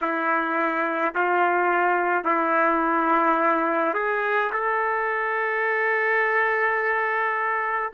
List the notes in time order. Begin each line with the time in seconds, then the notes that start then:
0.01 E4
1.14 F4
2.24 E4
3.94 G#4
4.52 A4